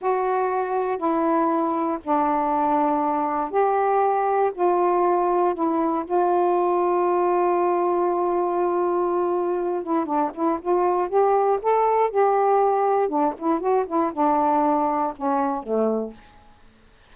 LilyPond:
\new Staff \with { instrumentName = "saxophone" } { \time 4/4 \tempo 4 = 119 fis'2 e'2 | d'2. g'4~ | g'4 f'2 e'4 | f'1~ |
f'2.~ f'8 e'8 | d'8 e'8 f'4 g'4 a'4 | g'2 d'8 e'8 fis'8 e'8 | d'2 cis'4 a4 | }